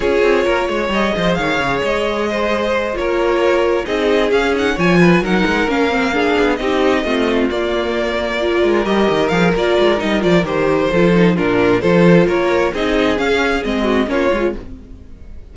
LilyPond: <<
  \new Staff \with { instrumentName = "violin" } { \time 4/4 \tempo 4 = 132 cis''2 dis''4 f''4 | dis''2~ dis''8 cis''4.~ | cis''8 dis''4 f''8 fis''8 gis''4 fis''8~ | fis''8 f''2 dis''4.~ |
dis''8 d''2. dis''8~ | dis''8 f''8 d''4 dis''8 d''8 c''4~ | c''4 ais'4 c''4 cis''4 | dis''4 f''4 dis''4 cis''4 | }
  \new Staff \with { instrumentName = "violin" } { \time 4/4 gis'4 ais'8 cis''4 c''8 cis''4~ | cis''4 c''4. ais'4.~ | ais'8 gis'2 cis''8 b'8 ais'8~ | ais'4. gis'4 g'4 f'8~ |
f'2~ f'8 ais'4.~ | ais'1 | a'4 f'4 a'4 ais'4 | gis'2~ gis'8 fis'8 f'4 | }
  \new Staff \with { instrumentName = "viola" } { \time 4/4 f'2 gis'2~ | gis'2~ gis'8 f'4.~ | f'8 dis'4 cis'8 dis'8 f'4 dis'8~ | dis'8 cis'8 c'8 d'4 dis'4 c'8~ |
c'8 ais2 f'4 g'8~ | g'8 gis'8 f'4 dis'8 f'8 g'4 | f'8 dis'8 d'4 f'2 | dis'4 cis'4 c'4 cis'8 f'8 | }
  \new Staff \with { instrumentName = "cello" } { \time 4/4 cis'8 c'8 ais8 gis8 g8 f8 dis8 cis8 | gis2~ gis8 ais4.~ | ais8 c'4 cis'4 f4 fis8 | gis8 ais4. b8 c'4 a8~ |
a8 ais2~ ais8 gis8 g8 | dis8 f8 ais8 gis8 g8 f8 dis4 | f4 ais,4 f4 ais4 | c'4 cis'4 gis4 ais8 gis8 | }
>>